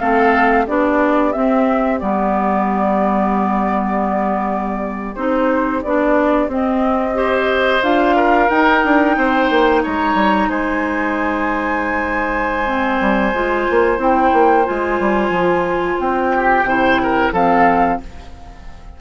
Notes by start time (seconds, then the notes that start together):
0.00 A3 C4 A4 F5
0.65 B3 D4 G4 D5
1.33 C4 E5
1.99 G3 B3 D5
5.16 C4 D#4 C5
5.83 B3 D4 D5
6.48 C4 D#5
7.15 G4 C5
7.83 D4 F4 F5
8.16 A#4
8.49 D#4 G5
8.84 D4
9.17 C4 C5
9.51 A#3
9.83 G#3 C#5 A#5
10.15 G3
10.50 G#3 C5 G#5
12.66 C4
13.01 G3
13.34 G#3 F4
13.71 A#3
13.97 C4 E4 G5
14.33 A#3
14.65 G#3 F4 G#5
15.00 G3
15.30 F3
16.00 C4 G5
16.35 G4
16.63 C3 E4 C5
17.03 A#4
17.33 F3 C4 A4 F5